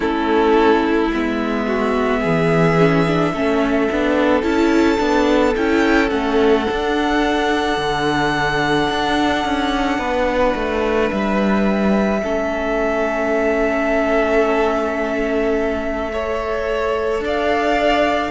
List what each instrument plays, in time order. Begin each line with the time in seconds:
0.00 cello A3, viola C#4, violin E4 A4
1.12 cello G#3, viola B3, violin E5
1.66 violin F#4
2.20 cello E3, violin G#4
2.78 viola C#4
3.07 viola D4
3.33 cello A3, viola C#4, violin A4
3.91 cello B3, viola D4
4.42 cello C#4, viola E4, violin A5
4.97 cello B3, viola D4
5.56 cello C#4, viola E4, violin G5
6.09 cello A3, viola C#4, violin F#5
6.69 viola D4, cello D4
7.77 cello D3
8.89 cello D4
9.44 cello C#4
9.98 cello B3, violin B4
10.54 cello A3
11.10 cello G3, violin E5
12.22 cello A3, viola C#4, violin A4
16.12 viola A4, violin C#5
17.20 cello D4, violin D5
17.26 violin F5